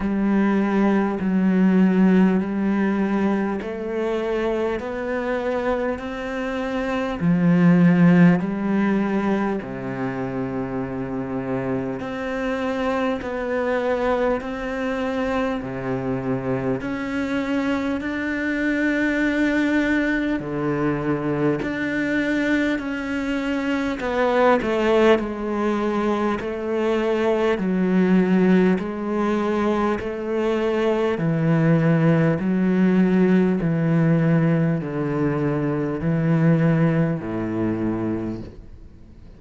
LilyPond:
\new Staff \with { instrumentName = "cello" } { \time 4/4 \tempo 4 = 50 g4 fis4 g4 a4 | b4 c'4 f4 g4 | c2 c'4 b4 | c'4 c4 cis'4 d'4~ |
d'4 d4 d'4 cis'4 | b8 a8 gis4 a4 fis4 | gis4 a4 e4 fis4 | e4 d4 e4 a,4 | }